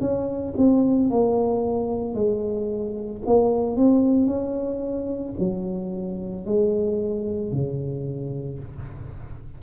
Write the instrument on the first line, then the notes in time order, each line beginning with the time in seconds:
tuba
0.00 C#4
0.57 C4
1.10 A#3
2.14 G#3
3.26 A#3
3.76 C4
4.26 C#4
5.38 F#3
6.45 G#3
7.51 C#3